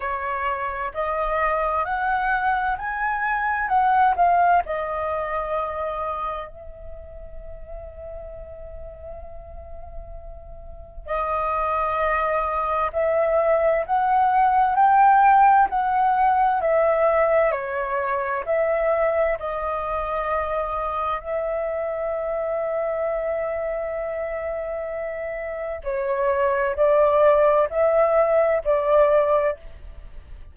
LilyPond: \new Staff \with { instrumentName = "flute" } { \time 4/4 \tempo 4 = 65 cis''4 dis''4 fis''4 gis''4 | fis''8 f''8 dis''2 e''4~ | e''1 | dis''2 e''4 fis''4 |
g''4 fis''4 e''4 cis''4 | e''4 dis''2 e''4~ | e''1 | cis''4 d''4 e''4 d''4 | }